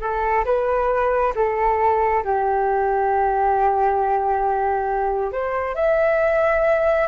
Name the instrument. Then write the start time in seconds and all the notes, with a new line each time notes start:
flute
0.00 A4
0.45 B4
1.35 A4
2.23 G4
5.32 C5
5.75 E5